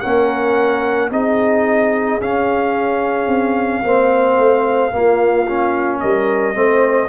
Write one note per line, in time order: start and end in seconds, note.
0.00 1.10 A#3
0.00 1.11 C#4
0.00 1.10 A#4
0.00 1.09 F#5
1.10 2.20 C4
1.10 2.20 D#4
1.10 3.83 G#4
1.10 2.21 D#5
2.20 3.84 C#4
2.20 3.27 C#4
2.20 6.00 F5
3.27 3.81 C4
3.83 4.38 A#3
3.83 4.91 C4
3.83 4.93 C5
4.38 4.92 A3
4.91 5.46 A#3
4.91 6.02 A#3
4.91 6.00 F4
5.47 6.54 C#4
6.00 6.55 G3
6.00 6.55 A#4
6.00 7.09 D#5
6.54 7.09 A3
6.54 7.08 C4
6.54 7.09 C5